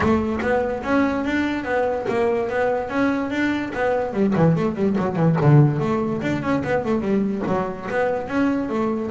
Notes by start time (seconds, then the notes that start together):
0.00 A3
0.41 B3
0.83 C#4
1.25 D4
1.64 B3
2.08 A#3
2.49 B3
2.89 C#4
3.30 D4
3.74 B3
4.13 G3
4.35 E3
4.55 A3
4.75 G3
4.98 F#3
5.15 E3
5.41 D3
5.79 A3
6.21 D4
6.42 C#4
6.64 B3
6.84 A3
7.01 G3
7.47 F#3
7.90 B3
8.28 C#4
8.69 A3